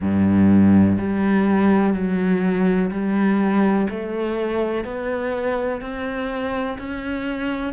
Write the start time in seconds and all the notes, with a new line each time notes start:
0.00 G2
0.98 G3
1.94 F#3
2.90 G3
3.89 A3
4.84 B3
5.81 C4
6.78 C#4